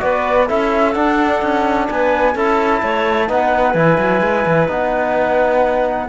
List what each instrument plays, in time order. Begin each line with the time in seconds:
0.00 cello B3, trombone F#4, clarinet B4, flute D5
0.48 cello C#4, trombone E4, clarinet A4, flute E5
0.93 trombone D4, cello D4, flute F#5
1.42 cello C#4
1.90 cello B3, clarinet B4, flute G#5
2.34 cello C#4, trombone E4, clarinet A4, flute A5
2.83 cello A3, clarinet C#5
3.29 cello B3, trombone D#4, clarinet B4, flute F#5
3.73 cello E3, trombone E4, flute G#5
3.98 cello F#3
4.21 cello G#3
4.46 cello E3
4.68 cello B3, trombone D#4, flute F#5